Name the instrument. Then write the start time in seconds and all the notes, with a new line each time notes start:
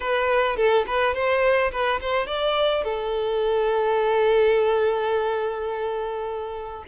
violin
0.00 B4
0.56 A4
0.86 B4
1.14 C5
1.71 B4
2.01 C5
2.26 D5
2.83 A4